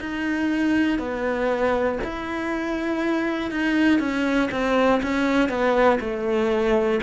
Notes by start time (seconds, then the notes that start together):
0.00 D#4
0.98 B3
2.03 E4
3.50 D#4
3.99 C#4
4.51 C4
5.02 C#4
5.49 B3
6.00 A3